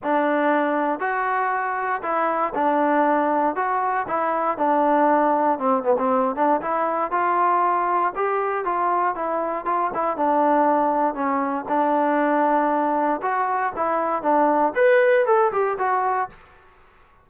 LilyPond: \new Staff \with { instrumentName = "trombone" } { \time 4/4 \tempo 4 = 118 d'2 fis'2 | e'4 d'2 fis'4 | e'4 d'2 c'8 b16 c'16~ | c'8 d'8 e'4 f'2 |
g'4 f'4 e'4 f'8 e'8 | d'2 cis'4 d'4~ | d'2 fis'4 e'4 | d'4 b'4 a'8 g'8 fis'4 | }